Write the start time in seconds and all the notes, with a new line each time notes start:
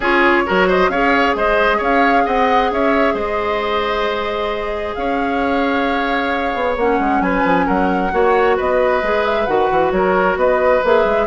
0.00 C#4 F4 G#4 C#5
0.46 F#3 F#4 A#4
0.67 C5 D#5
0.89 C#4 G#4 C#5 F5
1.34 G#3 C5 D#5
1.77 C#4 C#5 F5
2.25 C4 D#5 F#5
2.71 C#4 C#5 E5
3.13 G#3 C5 D#5
4.94 C#4 C#5 F5
6.54 B3
6.76 A#3 C#4 F#5
6.99 G#3
7.20 F#3 B4 G#5
7.44 F3
7.66 F#3 A#4 F#5
8.11 A#3 F#4 C#5
8.56 B3 B4 D#5
9.02 G#3 G#4
9.24 E5
9.46 D#3 F#4 F#5
9.71 E3
9.91 F#3 A#4 C#5
10.36 B3 B4 D#5
10.83 A#3 G#4 E5
11.04 G#3